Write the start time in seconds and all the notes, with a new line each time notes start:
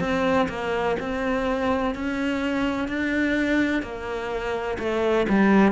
0.00 C4
0.48 A#3
0.99 C4
1.94 C#4
2.87 D4
3.82 A#3
4.79 A3
5.29 G3